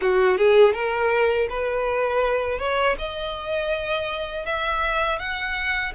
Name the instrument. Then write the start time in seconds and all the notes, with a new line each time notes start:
violin
0.01 F#4
0.37 G#4
0.73 A#4
1.49 B4
2.59 C#5
2.98 D#5
4.45 E5
5.19 F#5